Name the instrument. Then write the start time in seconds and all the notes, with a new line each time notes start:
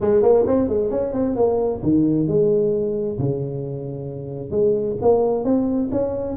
tuba
0.00 G#3
0.22 A#3
0.47 C4
0.68 G#3
0.90 C#4
1.12 C4
1.35 A#3
1.82 D#3
2.27 G#3
3.18 C#3
4.50 G#3
5.01 A#3
5.44 C4
5.91 C#4